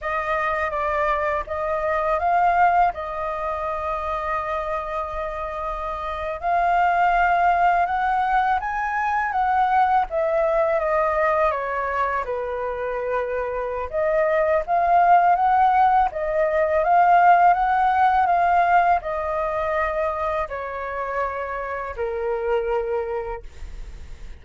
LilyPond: \new Staff \with { instrumentName = "flute" } { \time 4/4 \tempo 4 = 82 dis''4 d''4 dis''4 f''4 | dis''1~ | dis''8. f''2 fis''4 gis''16~ | gis''8. fis''4 e''4 dis''4 cis''16~ |
cis''8. b'2~ b'16 dis''4 | f''4 fis''4 dis''4 f''4 | fis''4 f''4 dis''2 | cis''2 ais'2 | }